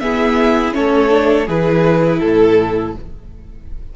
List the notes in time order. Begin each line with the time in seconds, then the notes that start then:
0.00 B3 E4 G#4 E5
0.73 A3 C#4 A4 C#5
1.10 D4
1.47 E3 E4 G#4 B4
2.20 A2 A4